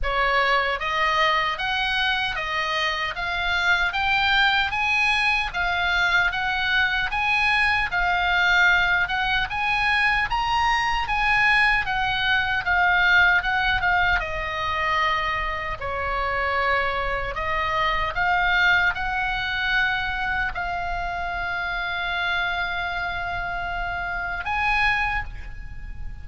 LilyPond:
\new Staff \with { instrumentName = "oboe" } { \time 4/4 \tempo 4 = 76 cis''4 dis''4 fis''4 dis''4 | f''4 g''4 gis''4 f''4 | fis''4 gis''4 f''4. fis''8 | gis''4 ais''4 gis''4 fis''4 |
f''4 fis''8 f''8 dis''2 | cis''2 dis''4 f''4 | fis''2 f''2~ | f''2. gis''4 | }